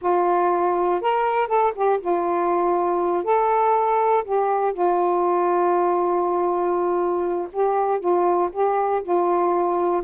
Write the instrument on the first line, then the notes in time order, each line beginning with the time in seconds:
saxophone
0.01 F4
1.01 A#4
1.47 A4
1.75 G4
2.00 F4
3.24 A4
4.24 G4
4.72 F4
7.52 G4
7.99 F4
8.52 G4
9.02 F4